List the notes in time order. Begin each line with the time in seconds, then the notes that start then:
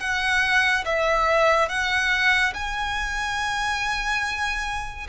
0.00 F#5
0.85 E5
1.69 F#5
2.54 G#5